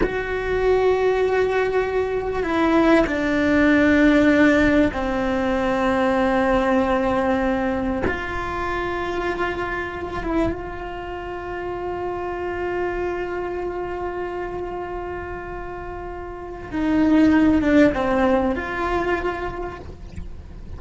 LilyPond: \new Staff \with { instrumentName = "cello" } { \time 4/4 \tempo 4 = 97 fis'1 | e'4 d'2. | c'1~ | c'4 f'2.~ |
f'8 e'8 f'2.~ | f'1~ | f'2. dis'4~ | dis'8 d'8 c'4 f'2 | }